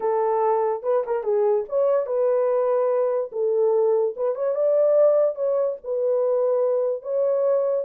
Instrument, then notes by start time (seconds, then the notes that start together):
horn
0.00 A4
0.82 B4
1.06 A#4
1.23 G#4
1.68 C#5
2.06 B4
3.31 A4
4.16 B4
4.35 C#5
4.55 D5
5.35 C#5
5.84 B4
7.02 C#5